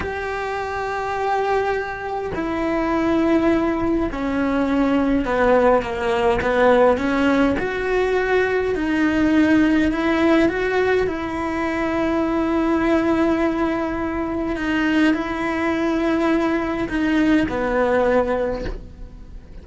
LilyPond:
\new Staff \with { instrumentName = "cello" } { \time 4/4 \tempo 4 = 103 g'1 | e'2. cis'4~ | cis'4 b4 ais4 b4 | cis'4 fis'2 dis'4~ |
dis'4 e'4 fis'4 e'4~ | e'1~ | e'4 dis'4 e'2~ | e'4 dis'4 b2 | }